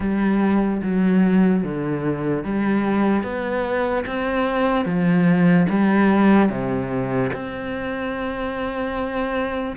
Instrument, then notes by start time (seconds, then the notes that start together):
cello
0.00 G3
0.82 F#3
1.63 D3
2.43 G3
3.23 B3
4.06 C4
4.85 F3
5.69 G3
6.49 C3
7.33 C4